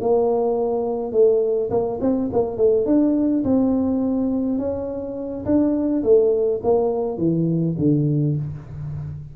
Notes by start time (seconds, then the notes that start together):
0.00 A#3
1.12 A3
1.70 A#3
2.00 C4
2.32 A#3
2.57 A3
2.85 D4
3.44 C4
4.58 C#4
5.45 D4
6.03 A3
6.63 A#3
7.17 E3
7.78 D3